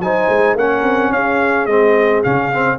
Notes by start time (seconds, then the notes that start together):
0.00 F#3 D#4 C5 G#5
0.29 G#3
0.55 A#3 C#4 A#4 F#5
0.83 C4
1.12 C#4 G#4 F5
1.66 G#3 C4 D#5
2.24 C#3 C#4 F5
2.54 C4